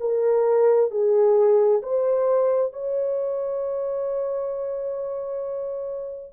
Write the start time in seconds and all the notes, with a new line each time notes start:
0.00 A#4
0.91 G#4
1.83 C5
2.73 C#5